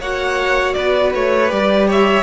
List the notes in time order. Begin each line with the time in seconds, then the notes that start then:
0.00 A#3 F#4 C#5 F#5
0.74 B3 B4 D5
1.14 A3 C#5
1.48 G3 G4 D5
1.88 C#5 E5